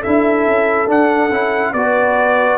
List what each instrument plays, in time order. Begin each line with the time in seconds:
0.00 trombone E4, horn A4, trumpet E5
0.07 tuba D4
0.47 tuba C#4
0.87 trombone D4, tuba D4, trumpet F#5
1.31 tuba C#4, trombone E4
1.73 tuba B3, trombone F#4, horn B4, trumpet D5